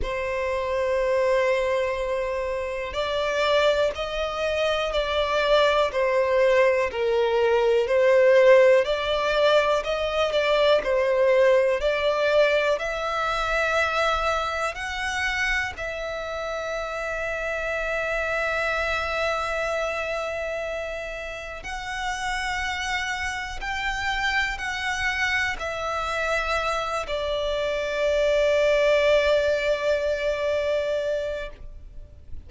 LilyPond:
\new Staff \with { instrumentName = "violin" } { \time 4/4 \tempo 4 = 61 c''2. d''4 | dis''4 d''4 c''4 ais'4 | c''4 d''4 dis''8 d''8 c''4 | d''4 e''2 fis''4 |
e''1~ | e''2 fis''2 | g''4 fis''4 e''4. d''8~ | d''1 | }